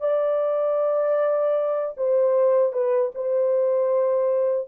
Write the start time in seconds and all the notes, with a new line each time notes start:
0.00 D5
1.97 C5
2.72 B4
3.15 C5